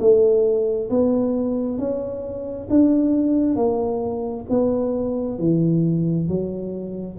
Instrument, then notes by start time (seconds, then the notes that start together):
tuba
0.00 A3
0.90 B3
1.78 C#4
2.70 D4
3.56 A#3
4.49 B3
5.39 E3
6.28 F#3